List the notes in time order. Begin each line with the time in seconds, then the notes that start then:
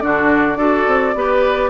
0.00 D3 D4 F#4 D5
0.55 D4 F#4 A4
0.87 C4
1.14 B3 G4 B4